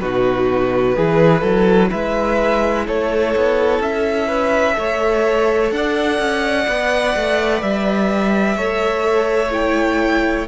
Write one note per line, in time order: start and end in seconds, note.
0.00 0.97 B2
0.00 0.96 D#4
0.00 0.96 F#4
0.00 1.90 B4
0.96 1.42 E3
0.96 4.74 E4
0.96 1.41 G#4
1.41 1.90 F#3
1.41 1.89 A4
1.90 2.87 G#3
1.90 2.85 B4
1.90 2.87 E5
2.87 3.35 A3
2.87 4.27 A4
2.87 3.82 C#5
3.36 3.79 B3
3.79 4.75 C#4
3.79 5.71 E5
4.27 4.75 B4
4.74 5.71 A3
4.74 6.64 A4
4.74 5.74 C#5
5.71 6.19 D4
5.71 8.57 D5
5.71 7.62 F#5
6.19 6.66 C#4
6.68 7.15 B3
6.68 8.58 B4
7.16 7.62 A3
7.62 8.57 G3
7.62 9.52 E5
8.57 10.47 A3
8.57 9.51 A4
8.57 10.47 C#5
9.51 10.46 E4
9.51 10.47 G5